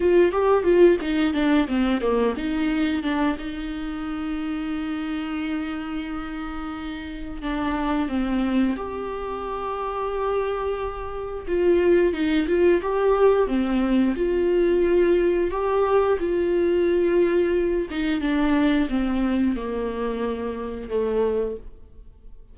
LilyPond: \new Staff \with { instrumentName = "viola" } { \time 4/4 \tempo 4 = 89 f'8 g'8 f'8 dis'8 d'8 c'8 ais8 dis'8~ | dis'8 d'8 dis'2.~ | dis'2. d'4 | c'4 g'2.~ |
g'4 f'4 dis'8 f'8 g'4 | c'4 f'2 g'4 | f'2~ f'8 dis'8 d'4 | c'4 ais2 a4 | }